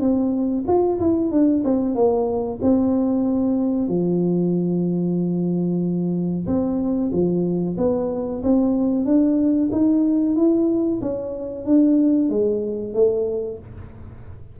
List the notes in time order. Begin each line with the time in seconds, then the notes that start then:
0.00 C4
0.67 F4
1.00 E4
1.31 D4
1.64 C4
1.95 A#3
2.62 C4
3.88 F3
6.46 C4
7.12 F3
7.77 B3
8.43 C4
9.05 D4
9.72 D#4
10.35 E4
11.01 C#4
11.65 D4
12.29 G#3
12.94 A3